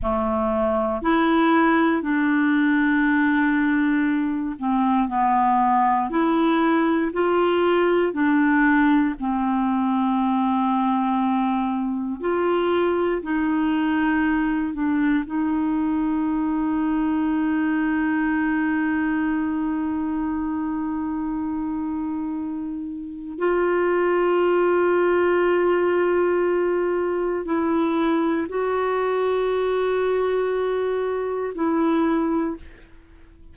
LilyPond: \new Staff \with { instrumentName = "clarinet" } { \time 4/4 \tempo 4 = 59 a4 e'4 d'2~ | d'8 c'8 b4 e'4 f'4 | d'4 c'2. | f'4 dis'4. d'8 dis'4~ |
dis'1~ | dis'2. f'4~ | f'2. e'4 | fis'2. e'4 | }